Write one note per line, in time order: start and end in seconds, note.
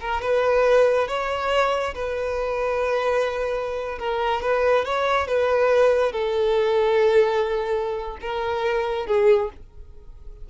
0.00 0.21 A#4
0.21 1.08 B4
1.08 1.94 C#5
1.94 3.98 B4
3.98 4.41 A#4
4.42 4.85 B4
4.85 5.27 C#5
5.27 6.12 B4
6.12 8.17 A4
8.21 9.06 A#4
9.06 9.50 G#4